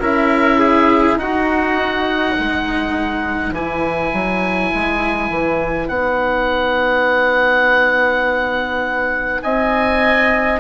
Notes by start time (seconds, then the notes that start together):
0.00 C#4 E4 A#4 E5
0.59 G#4
1.16 D#4 F#4 F#5
2.37 G#3 B4
3.51 E3 E4 G#5
4.13 F#3
4.74 G#3
5.30 E3
5.88 B3 D#4 F#5
9.42 C4 D#5 G#5